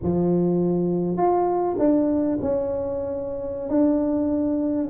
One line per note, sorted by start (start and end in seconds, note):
0.02 1.17 F3
1.17 1.76 F4
1.78 2.38 D4
2.41 3.69 C#4
3.69 4.88 D4